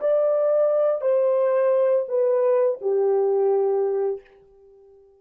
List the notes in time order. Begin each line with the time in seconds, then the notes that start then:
0.00 D5
1.01 C5
2.08 B4
2.81 G4